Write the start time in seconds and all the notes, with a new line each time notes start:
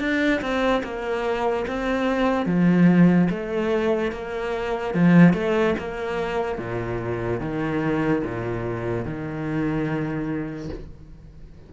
0.00 D4
0.41 C4
0.83 A#3
1.67 C4
2.46 F3
3.30 A3
4.12 A#3
4.94 F3
5.33 A3
5.79 A#3
6.58 A#2
7.40 D#3
8.24 A#2
9.05 D#3